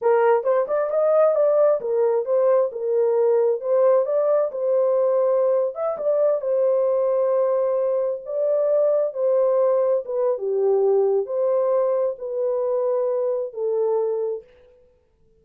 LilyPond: \new Staff \with { instrumentName = "horn" } { \time 4/4 \tempo 4 = 133 ais'4 c''8 d''8 dis''4 d''4 | ais'4 c''4 ais'2 | c''4 d''4 c''2~ | c''8. e''8 d''4 c''4.~ c''16~ |
c''2~ c''16 d''4.~ d''16~ | d''16 c''2 b'8. g'4~ | g'4 c''2 b'4~ | b'2 a'2 | }